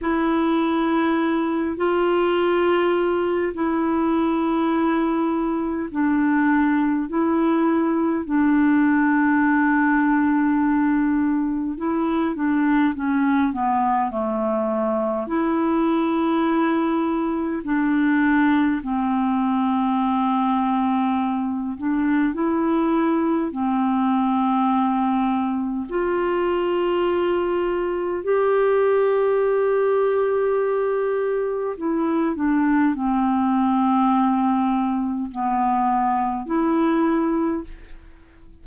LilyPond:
\new Staff \with { instrumentName = "clarinet" } { \time 4/4 \tempo 4 = 51 e'4. f'4. e'4~ | e'4 d'4 e'4 d'4~ | d'2 e'8 d'8 cis'8 b8 | a4 e'2 d'4 |
c'2~ c'8 d'8 e'4 | c'2 f'2 | g'2. e'8 d'8 | c'2 b4 e'4 | }